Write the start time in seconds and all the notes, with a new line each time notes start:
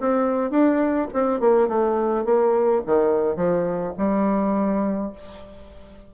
0.00 C4
0.51 D4
1.14 C4
1.40 A#3
1.68 A3
2.25 A#3
2.86 D#3
3.36 F3
3.98 G3